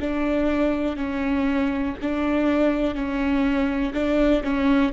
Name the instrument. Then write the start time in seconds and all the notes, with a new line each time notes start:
viola
0.00 D4
0.97 C#4
2.02 D4
2.95 C#4
3.93 D4
4.44 C#4